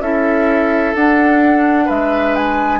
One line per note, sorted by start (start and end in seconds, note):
0.00 0.94 C#4
0.00 0.95 E4
0.00 1.85 A4
0.00 0.94 E5
0.94 1.88 D4
0.94 2.80 D4
0.94 1.88 F#5
1.85 2.80 G#3
1.85 2.79 B4
1.85 2.35 E5
2.35 2.80 G#5